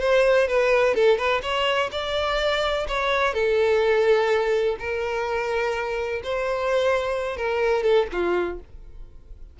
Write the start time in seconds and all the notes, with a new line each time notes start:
0.00 C5
0.48 B4
0.94 A4
1.17 B4
1.42 C#5
1.92 D5
2.88 C#5
3.34 A4
4.79 A#4
6.23 C5
7.37 A#4
7.83 A4
8.12 F4